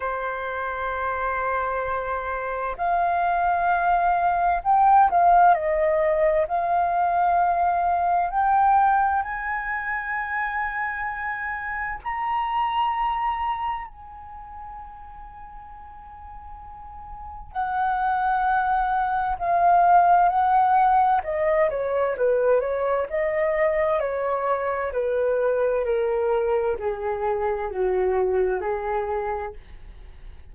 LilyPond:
\new Staff \with { instrumentName = "flute" } { \time 4/4 \tempo 4 = 65 c''2. f''4~ | f''4 g''8 f''8 dis''4 f''4~ | f''4 g''4 gis''2~ | gis''4 ais''2 gis''4~ |
gis''2. fis''4~ | fis''4 f''4 fis''4 dis''8 cis''8 | b'8 cis''8 dis''4 cis''4 b'4 | ais'4 gis'4 fis'4 gis'4 | }